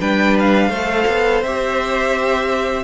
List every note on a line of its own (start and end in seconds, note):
0.00 0.69 G3
0.00 0.72 D4
0.00 0.69 B4
0.00 0.37 G5
0.39 1.43 F5
0.69 1.05 A3
0.69 1.44 A4
0.69 2.84 C5
1.07 1.42 B3
1.42 2.84 C4
1.42 2.84 G4
1.42 2.84 E5